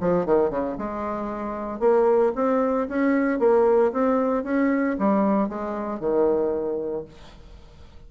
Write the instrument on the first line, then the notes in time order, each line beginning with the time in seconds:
bassoon
0.00 F3
0.25 D#3
0.50 C#3
0.78 G#3
1.79 A#3
2.35 C4
2.88 C#4
3.39 A#3
3.92 C4
4.43 C#4
4.99 G3
5.49 G#3
5.99 D#3